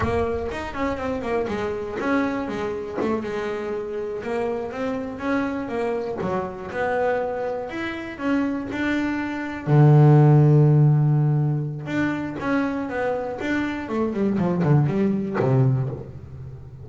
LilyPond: \new Staff \with { instrumentName = "double bass" } { \time 4/4 \tempo 4 = 121 ais4 dis'8 cis'8 c'8 ais8 gis4 | cis'4 gis4 a8 gis4.~ | gis8 ais4 c'4 cis'4 ais8~ | ais8 fis4 b2 e'8~ |
e'8 cis'4 d'2 d8~ | d1 | d'4 cis'4 b4 d'4 | a8 g8 f8 d8 g4 c4 | }